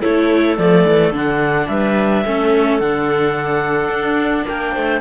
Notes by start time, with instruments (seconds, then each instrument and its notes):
0.00 cello A3, viola E4, clarinet A4 C#5
0.57 cello F3, viola A3, clarinet D5
0.87 cello E3
1.11 cello D3, viola D4, clarinet F#5
1.67 cello G3, clarinet B4 E5
2.25 cello A3, viola C#4, clarinet A4
2.79 cello D3, viola D4, clarinet F#5
3.89 cello D4
4.45 cello A#3, clarinet A#4 G5
4.72 cello A3, clarinet C5